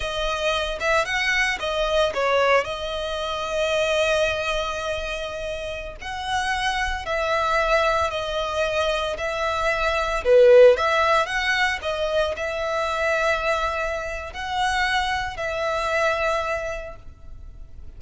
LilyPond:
\new Staff \with { instrumentName = "violin" } { \time 4/4 \tempo 4 = 113 dis''4. e''8 fis''4 dis''4 | cis''4 dis''2.~ | dis''2.~ dis''16 fis''8.~ | fis''4~ fis''16 e''2 dis''8.~ |
dis''4~ dis''16 e''2 b'8.~ | b'16 e''4 fis''4 dis''4 e''8.~ | e''2. fis''4~ | fis''4 e''2. | }